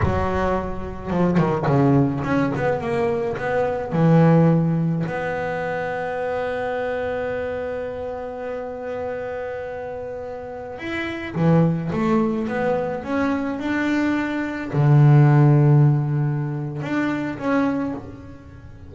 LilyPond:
\new Staff \with { instrumentName = "double bass" } { \time 4/4 \tempo 4 = 107 fis2 f8 dis8 cis4 | cis'8 b8 ais4 b4 e4~ | e4 b2.~ | b1~ |
b2.~ b16 e'8.~ | e'16 e4 a4 b4 cis'8.~ | cis'16 d'2 d4.~ d16~ | d2 d'4 cis'4 | }